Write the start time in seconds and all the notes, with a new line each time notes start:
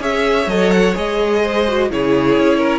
0.00 C#4 G#4 C#5 E5
0.47 F#3 A4 D#5
0.71 F#5
0.94 G#3 G#4 D#5
1.42 C5
1.67 F#4
1.89 C#3 E4 G#4 C#5
2.38 C#4
2.58 A#4